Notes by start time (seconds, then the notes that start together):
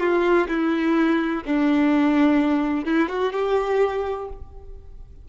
0.00 F4
0.48 E4
1.45 D4
2.85 E4
3.09 F#4
3.33 G4